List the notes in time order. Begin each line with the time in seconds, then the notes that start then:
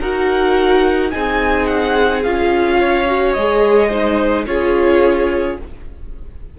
0.00 D#4 F#4 A#4 F#5
1.11 C4 D#4 G#4 G#5
1.66 F#5
2.23 C#4 F4 F5
2.79 C#5
3.07 F#4
3.33 G#3 G#4 D#5
3.88 D#4 C5
4.46 C#4 F4 G#4 C#5